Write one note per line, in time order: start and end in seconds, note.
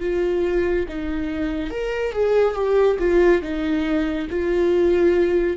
0.00 0.86 F4
0.88 1.70 D#4
1.70 2.12 A#4
2.12 2.54 G#4
2.54 2.97 G4
2.99 3.42 F4
3.42 4.27 D#4
4.30 5.56 F4